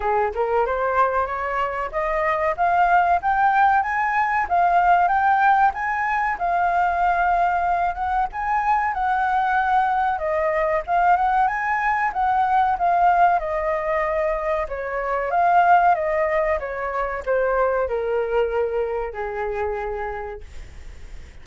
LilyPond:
\new Staff \with { instrumentName = "flute" } { \time 4/4 \tempo 4 = 94 gis'8 ais'8 c''4 cis''4 dis''4 | f''4 g''4 gis''4 f''4 | g''4 gis''4 f''2~ | f''8 fis''8 gis''4 fis''2 |
dis''4 f''8 fis''8 gis''4 fis''4 | f''4 dis''2 cis''4 | f''4 dis''4 cis''4 c''4 | ais'2 gis'2 | }